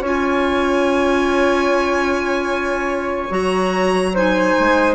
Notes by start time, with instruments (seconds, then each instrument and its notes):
0.00 bassoon C#4, clarinet F4, flute C#5
0.07 violin G#5
3.29 bassoon F#3, clarinet F#4, violin A#5
4.14 clarinet D#4, flute C5, violin G#5
4.59 bassoon G#3